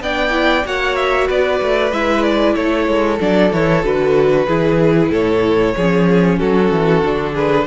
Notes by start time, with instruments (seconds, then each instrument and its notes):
0.00 cello B3, viola D4, violin D5 G5
0.30 viola E4
0.64 cello A#3, viola F#4, violin C#5 F#5
0.95 violin E5
1.26 cello B3, violin B4 D5
1.61 cello A3
1.92 cello G#3, viola E4, violin E5
2.22 violin D5
2.55 cello A3, violin A4 C#5
2.87 cello G#3
3.19 cello F#3, viola D4, violin D5
3.52 cello E3, viola E4, violin C#5
3.83 cello D3, viola F#4, violin B4
4.47 cello E3, viola E4, violin G#4
5.10 cello A2, violin A4 C#5
5.76 cello F3, viola C#4, violin G#4
6.38 cello F#3, violin F#4 A4
6.71 cello E3
7.04 cello D3, viola D4
7.33 violin G#4 B4